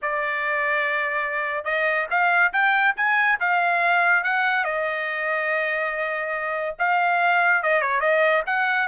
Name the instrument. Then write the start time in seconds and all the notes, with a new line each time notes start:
trumpet
0.02 D5
1.64 D#5
2.10 F5
2.52 G5
2.96 G#5
3.40 F5
4.23 F#5
4.64 D#5
6.78 F5
7.62 D#5
7.81 C#5
8.00 D#5
8.46 F#5